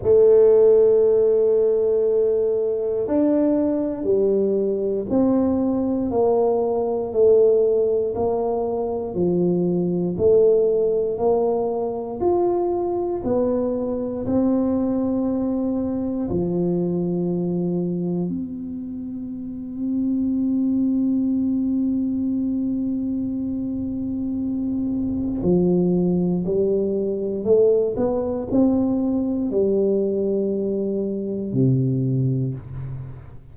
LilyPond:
\new Staff \with { instrumentName = "tuba" } { \time 4/4 \tempo 4 = 59 a2. d'4 | g4 c'4 ais4 a4 | ais4 f4 a4 ais4 | f'4 b4 c'2 |
f2 c'2~ | c'1~ | c'4 f4 g4 a8 b8 | c'4 g2 c4 | }